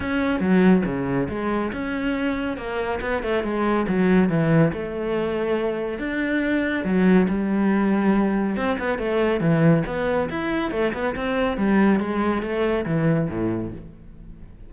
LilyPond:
\new Staff \with { instrumentName = "cello" } { \time 4/4 \tempo 4 = 140 cis'4 fis4 cis4 gis4 | cis'2 ais4 b8 a8 | gis4 fis4 e4 a4~ | a2 d'2 |
fis4 g2. | c'8 b8 a4 e4 b4 | e'4 a8 b8 c'4 g4 | gis4 a4 e4 a,4 | }